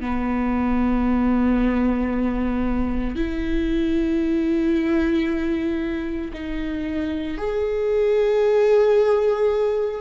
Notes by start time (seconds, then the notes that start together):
0.00 B3
3.15 E4
6.33 D#4
7.37 G#4